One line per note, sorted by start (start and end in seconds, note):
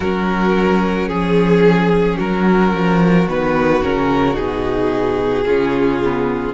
0.00 1.08 F#3
0.00 3.28 C#4
0.00 1.09 F#4
0.00 1.08 A#4
1.08 2.17 F3
1.08 2.17 G#4
2.17 2.73 F#3
2.17 5.45 F#4
2.17 3.28 A#4
2.73 3.27 F3
3.28 3.82 D#3
3.28 3.82 B3
3.28 3.82 B4
3.82 4.38 C#3
3.82 4.34 C#4
3.82 4.36 A#4
4.34 5.45 B2
4.34 5.43 D#4
4.34 6.53 G#4
5.45 6.53 C#3
5.45 6.02 C#4
5.45 6.53 F4
6.02 6.53 B3